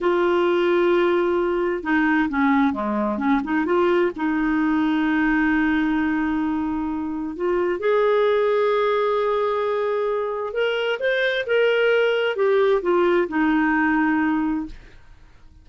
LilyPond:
\new Staff \with { instrumentName = "clarinet" } { \time 4/4 \tempo 4 = 131 f'1 | dis'4 cis'4 gis4 cis'8 dis'8 | f'4 dis'2.~ | dis'1 |
f'4 gis'2.~ | gis'2. ais'4 | c''4 ais'2 g'4 | f'4 dis'2. | }